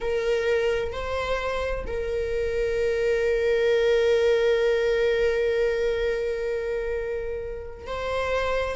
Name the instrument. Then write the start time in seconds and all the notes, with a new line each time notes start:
viola
0.00 A#4
0.92 C5
1.86 A#4
7.86 C5